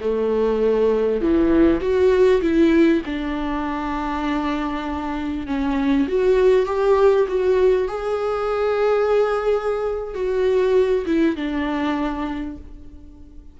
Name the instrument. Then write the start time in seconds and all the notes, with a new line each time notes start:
viola
0.00 A3
1.21 E3
1.80 F#4
2.41 E4
3.06 D4
5.47 C#4
6.08 F#4
6.66 G4
7.28 F#4
7.88 G#4
10.14 F#4
11.06 E4
11.36 D4